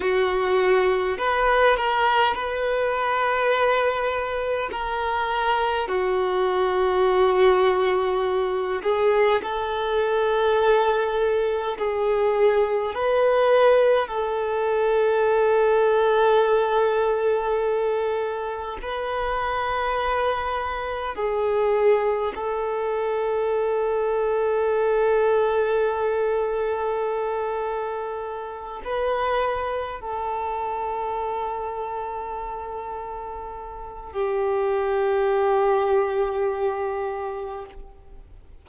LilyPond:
\new Staff \with { instrumentName = "violin" } { \time 4/4 \tempo 4 = 51 fis'4 b'8 ais'8 b'2 | ais'4 fis'2~ fis'8 gis'8 | a'2 gis'4 b'4 | a'1 |
b'2 gis'4 a'4~ | a'1~ | a'8 b'4 a'2~ a'8~ | a'4 g'2. | }